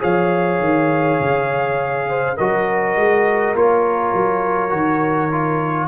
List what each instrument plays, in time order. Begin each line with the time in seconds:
0.00 tuba F3, trombone G#4, horn C#5, trumpet F5
0.60 tuba D#3
1.20 tuba C#3
2.09 horn C5
2.37 tuba F#3, trombone F#4, horn A#4, trumpet D#5
2.96 tuba G#3
3.55 tuba A#3, trombone F4, trumpet C#5
4.14 tuba F#3
4.70 tuba D#3, trombone F#4
5.32 trombone F4